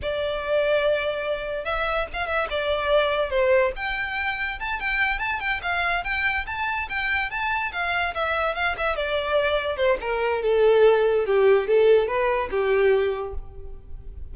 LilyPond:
\new Staff \with { instrumentName = "violin" } { \time 4/4 \tempo 4 = 144 d''1 | e''4 f''8 e''8 d''2 | c''4 g''2 a''8 g''8~ | g''8 a''8 g''8 f''4 g''4 a''8~ |
a''8 g''4 a''4 f''4 e''8~ | e''8 f''8 e''8 d''2 c''8 | ais'4 a'2 g'4 | a'4 b'4 g'2 | }